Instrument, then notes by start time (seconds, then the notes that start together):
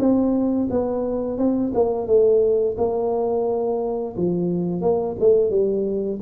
tuba
0.00 C4
0.71 B3
1.39 C4
1.75 A#3
2.08 A3
2.78 A#3
4.17 F3
4.82 A#3
5.20 A3
5.51 G3